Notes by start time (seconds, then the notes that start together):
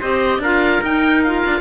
0.00 C4 G4 C5 D#5
0.39 D4 F4 A#4 F5
0.81 D#4 G5
1.23 F4 F5
1.46 D4